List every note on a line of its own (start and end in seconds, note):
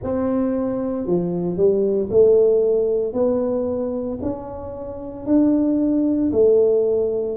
0.03 1.06 C4
1.06 1.56 F3
1.56 2.09 G3
2.10 3.13 A3
3.13 4.18 B3
4.22 5.26 C#4
5.26 6.31 D4
6.32 7.37 A3